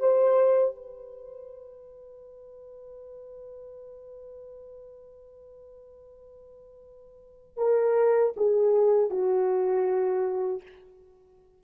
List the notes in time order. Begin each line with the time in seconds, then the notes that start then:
0.00 C5
0.76 B4
7.57 A#4
8.36 G#4
9.10 F#4